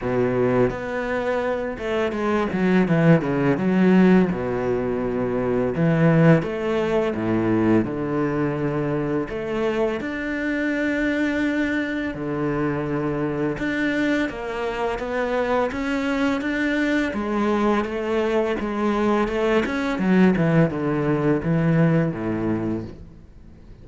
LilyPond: \new Staff \with { instrumentName = "cello" } { \time 4/4 \tempo 4 = 84 b,4 b4. a8 gis8 fis8 | e8 cis8 fis4 b,2 | e4 a4 a,4 d4~ | d4 a4 d'2~ |
d'4 d2 d'4 | ais4 b4 cis'4 d'4 | gis4 a4 gis4 a8 cis'8 | fis8 e8 d4 e4 a,4 | }